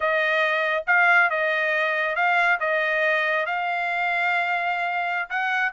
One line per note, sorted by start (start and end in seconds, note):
0.00 0.84 D#5
0.86 1.29 F5
1.29 2.15 D#5
2.15 2.59 F5
2.60 3.45 D#5
3.45 5.29 F5
5.29 5.72 F#5